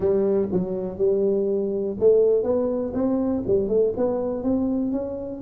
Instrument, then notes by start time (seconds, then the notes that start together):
tuba
0.00 G3
0.52 F#3
0.98 G3
1.99 A3
2.43 B3
2.93 C4
3.46 G3
3.68 A3
3.96 B3
4.43 C4
4.92 C#4